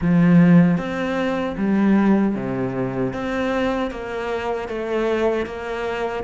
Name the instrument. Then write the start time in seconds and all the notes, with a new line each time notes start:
cello
0.01 F3
0.77 C4
1.57 G3
2.35 C3
3.13 C4
3.90 A#3
4.68 A3
5.45 A#3